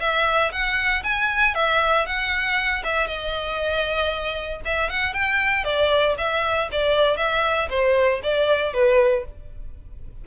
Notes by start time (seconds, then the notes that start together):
0.00 E5
0.52 F#5
1.03 G#5
1.55 E5
2.06 F#5
2.84 E5
3.07 D#5
4.65 E5
4.90 F#5
5.13 G5
5.64 D5
6.18 E5
6.72 D5
7.17 E5
7.70 C5
8.23 D5
8.73 B4